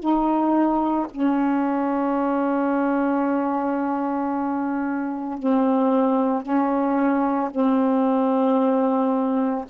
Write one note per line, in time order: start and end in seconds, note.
0.00 1.07 D#4
1.11 5.39 C#4
5.39 6.43 C4
6.43 7.50 C#4
7.51 9.65 C4